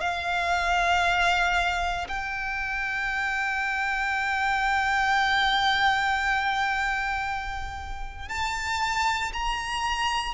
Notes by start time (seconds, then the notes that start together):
0.00 F5
2.08 G5
8.29 A5
9.33 A#5